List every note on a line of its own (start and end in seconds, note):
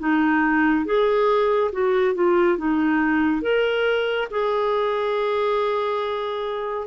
0.00 0.86 D#4
0.86 1.71 G#4
1.73 2.15 F#4
2.15 2.58 F4
2.58 3.42 D#4
3.42 4.28 A#4
4.31 6.88 G#4